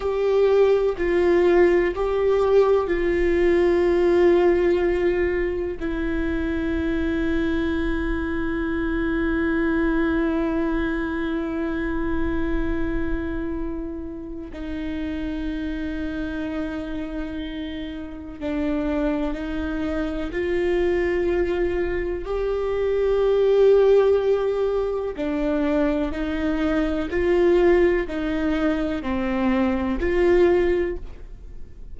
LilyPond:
\new Staff \with { instrumentName = "viola" } { \time 4/4 \tempo 4 = 62 g'4 f'4 g'4 f'4~ | f'2 e'2~ | e'1~ | e'2. dis'4~ |
dis'2. d'4 | dis'4 f'2 g'4~ | g'2 d'4 dis'4 | f'4 dis'4 c'4 f'4 | }